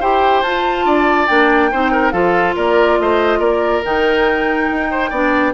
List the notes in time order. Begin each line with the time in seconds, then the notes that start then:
0.00 E4 G4 C5 G5
0.42 F4 A5
0.85 D4 D5
1.27 A#3 D4 G5
1.71 C4 D#4 C5
1.92 A#4
2.11 F3 F4 A4 F5
2.55 A#3 A#4 D5
2.99 A3 C5 D#5
3.39 A#3 A#4 D5
3.84 D#3 D#4 G5
4.71 D#4
4.91 C5
5.10 B3 D4 D5